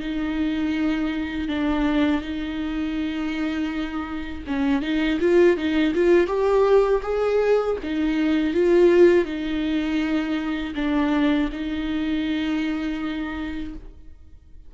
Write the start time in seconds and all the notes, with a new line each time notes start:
0.00 D#4
1.48 D4
2.22 D#4
4.47 C#4
4.82 D#4
5.20 F4
5.57 D#4
5.94 F4
6.27 G4
7.02 G#4
7.83 D#4
8.54 F4
9.25 D#4
10.75 D4
11.52 D#4